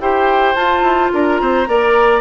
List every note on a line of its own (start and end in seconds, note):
0.00 0.55 E4
0.00 0.55 G4
0.00 1.12 C5
0.00 0.55 G5
0.55 0.82 F4
0.55 1.66 F4
0.55 1.10 A5
0.82 1.10 E4
1.13 1.41 D4
1.13 1.41 A#4
1.13 2.21 A#5
1.41 1.68 C4
1.41 1.69 C5
1.67 2.21 A#3
1.67 2.21 A#4
1.67 2.21 D5